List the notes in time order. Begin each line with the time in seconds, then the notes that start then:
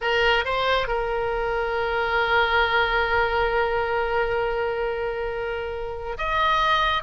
0.01 A#4
0.44 C5
0.87 A#4
6.17 D#5